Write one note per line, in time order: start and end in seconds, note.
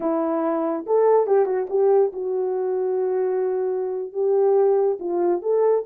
0.00 0.85 E4
0.86 1.27 A4
1.27 1.45 G4
1.45 1.67 F#4
1.69 2.12 G4
2.12 4.12 F#4
4.12 4.97 G4
4.99 5.42 F4
5.42 5.84 A4